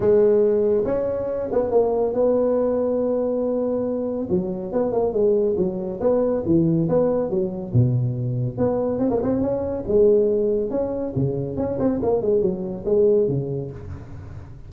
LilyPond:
\new Staff \with { instrumentName = "tuba" } { \time 4/4 \tempo 4 = 140 gis2 cis'4. b8 | ais4 b2.~ | b2 fis4 b8 ais8 | gis4 fis4 b4 e4 |
b4 fis4 b,2 | b4 c'16 ais16 c'8 cis'4 gis4~ | gis4 cis'4 cis4 cis'8 c'8 | ais8 gis8 fis4 gis4 cis4 | }